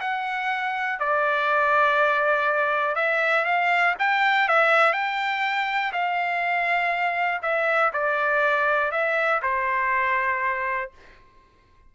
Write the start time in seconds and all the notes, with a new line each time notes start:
0.00 F#5
0.99 D5
2.95 E5
3.44 F5
3.98 G5
4.48 E5
4.93 G5
5.92 F5
7.42 E5
7.93 D5
8.91 E5
9.42 C5